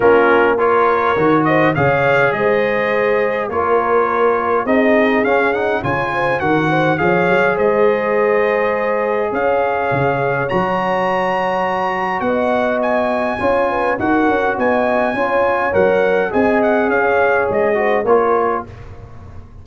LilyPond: <<
  \new Staff \with { instrumentName = "trumpet" } { \time 4/4 \tempo 4 = 103 ais'4 cis''4. dis''8 f''4 | dis''2 cis''2 | dis''4 f''8 fis''8 gis''4 fis''4 | f''4 dis''2. |
f''2 ais''2~ | ais''4 fis''4 gis''2 | fis''4 gis''2 fis''4 | gis''8 fis''8 f''4 dis''4 cis''4 | }
  \new Staff \with { instrumentName = "horn" } { \time 4/4 f'4 ais'4. c''8 cis''4 | c''2 ais'2 | gis'2 cis''8 c''8 ais'8 c''8 | cis''4 c''2. |
cis''1~ | cis''4 dis''2 cis''8 b'8 | ais'4 dis''4 cis''2 | dis''4 cis''4. c''8 ais'4 | }
  \new Staff \with { instrumentName = "trombone" } { \time 4/4 cis'4 f'4 fis'4 gis'4~ | gis'2 f'2 | dis'4 cis'8 dis'8 f'4 fis'4 | gis'1~ |
gis'2 fis'2~ | fis'2. f'4 | fis'2 f'4 ais'4 | gis'2~ gis'8 fis'8 f'4 | }
  \new Staff \with { instrumentName = "tuba" } { \time 4/4 ais2 dis4 cis4 | gis2 ais2 | c'4 cis'4 cis4 dis4 | f8 fis8 gis2. |
cis'4 cis4 fis2~ | fis4 b2 cis'4 | dis'8 cis'8 b4 cis'4 fis4 | c'4 cis'4 gis4 ais4 | }
>>